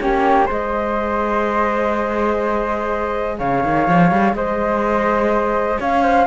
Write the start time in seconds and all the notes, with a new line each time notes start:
0.00 A#3 C#4 G4 C#5
0.46 G#3 G#4 C5 D#5
3.38 C#3 C#5 F5
3.64 D#3
3.88 F3
4.11 G3
4.33 G#3 C5 D#5
5.80 C#4 C#5 F5
6.03 C5